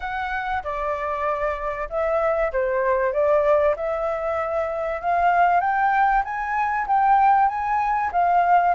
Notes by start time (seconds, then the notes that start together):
0.00 F#5
0.63 D5
1.89 E5
2.52 C5
3.12 D5
3.76 E5
5.01 F5
5.60 G5
6.24 G#5
6.87 G5
7.48 G#5
8.12 F5